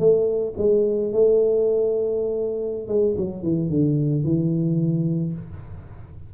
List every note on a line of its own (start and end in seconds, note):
0.00 0.55 A3
0.58 1.13 G#3
1.13 2.88 A3
2.88 3.16 G#3
3.18 3.43 F#3
3.43 3.70 E3
3.70 4.24 D3
4.24 5.34 E3